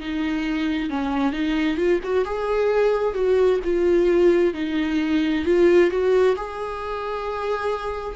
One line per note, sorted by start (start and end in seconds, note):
0.00 0.90 D#4
0.90 1.33 C#4
1.33 1.77 D#4
1.77 2.00 F4
2.03 2.25 F#4
2.25 3.14 G#4
3.14 3.60 F#4
3.64 4.54 F4
4.54 5.45 D#4
5.45 5.90 F4
5.90 6.36 F#4
6.36 8.15 G#4